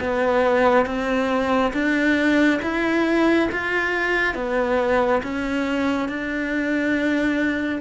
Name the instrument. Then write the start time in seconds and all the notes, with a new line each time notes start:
cello
0.00 B3
0.85 C4
1.73 D4
2.62 E4
3.52 F4
4.34 B3
5.23 C#4
6.09 D4